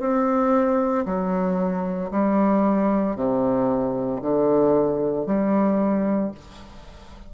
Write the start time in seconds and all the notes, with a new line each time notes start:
0.00 C4
1.06 F#3
2.11 G3
3.16 C3
4.22 D3
5.27 G3